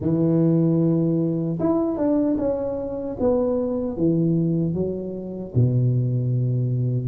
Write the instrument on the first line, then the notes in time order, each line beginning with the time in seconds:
tuba
0.00 E3
1.59 E4
1.97 D4
2.38 C#4
3.19 B3
3.96 E3
4.74 F#3
5.54 B2